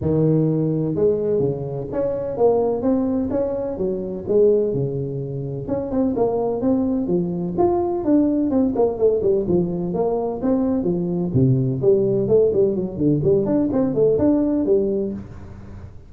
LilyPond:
\new Staff \with { instrumentName = "tuba" } { \time 4/4 \tempo 4 = 127 dis2 gis4 cis4 | cis'4 ais4 c'4 cis'4 | fis4 gis4 cis2 | cis'8 c'8 ais4 c'4 f4 |
f'4 d'4 c'8 ais8 a8 g8 | f4 ais4 c'4 f4 | c4 g4 a8 g8 fis8 d8 | g8 d'8 c'8 a8 d'4 g4 | }